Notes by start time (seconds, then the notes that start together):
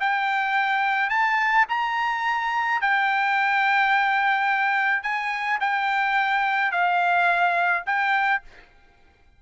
0.00 G5
1.09 A5
1.69 A#5
2.81 G5
5.03 G#5
5.60 G5
6.71 F5
7.86 G5